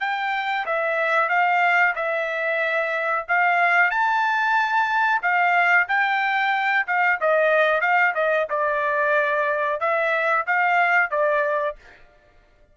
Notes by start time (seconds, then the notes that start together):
0.00 G5
0.66 E5
1.29 F5
1.95 E5
3.28 F5
3.91 A5
5.22 F5
5.88 G5
6.87 F5
7.20 D#5
7.81 F5
8.15 D#5
8.50 D5
9.80 E5
10.47 F5
11.10 D5